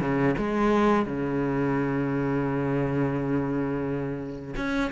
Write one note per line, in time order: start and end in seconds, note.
0.00 0.35 C#3
0.37 1.06 G#3
1.06 4.54 C#3
4.56 4.91 C#4